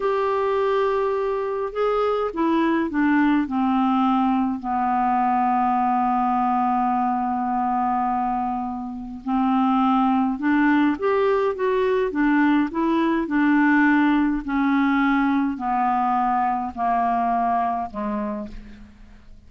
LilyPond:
\new Staff \with { instrumentName = "clarinet" } { \time 4/4 \tempo 4 = 104 g'2. gis'4 | e'4 d'4 c'2 | b1~ | b1 |
c'2 d'4 g'4 | fis'4 d'4 e'4 d'4~ | d'4 cis'2 b4~ | b4 ais2 gis4 | }